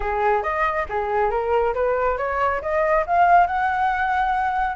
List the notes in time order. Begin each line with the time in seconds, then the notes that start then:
0.00 G#4
0.42 D#5
0.89 G#4
1.30 A#4
1.74 B4
2.17 C#5
2.61 D#5
3.06 F5
3.47 F#5